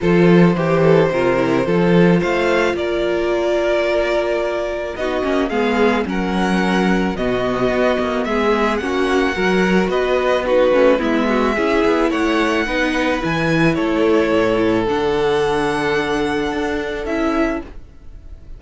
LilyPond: <<
  \new Staff \with { instrumentName = "violin" } { \time 4/4 \tempo 4 = 109 c''1 | f''4 d''2.~ | d''4 dis''4 f''4 fis''4~ | fis''4 dis''2 e''4 |
fis''2 dis''4 b'4 | e''2 fis''2 | gis''4 cis''2 fis''4~ | fis''2. e''4 | }
  \new Staff \with { instrumentName = "violin" } { \time 4/4 a'4 g'8 a'8 ais'4 a'4 | c''4 ais'2.~ | ais'4 fis'4 gis'4 ais'4~ | ais'4 fis'2 gis'4 |
fis'4 ais'4 b'4 fis'4 | e'8 fis'8 gis'4 cis''4 b'4~ | b'4 a'2.~ | a'1 | }
  \new Staff \with { instrumentName = "viola" } { \time 4/4 f'4 g'4 f'8 e'8 f'4~ | f'1~ | f'4 dis'8 cis'8 b4 cis'4~ | cis'4 b2. |
cis'4 fis'2 dis'8 cis'8 | b4 e'2 dis'4 | e'2. d'4~ | d'2. e'4 | }
  \new Staff \with { instrumentName = "cello" } { \time 4/4 f4 e4 c4 f4 | a4 ais2.~ | ais4 b8 ais8 gis4 fis4~ | fis4 b,4 b8 ais8 gis4 |
ais4 fis4 b4. a8 | gis4 cis'8 b8 a4 b4 | e4 a4 a,4 d4~ | d2 d'4 cis'4 | }
>>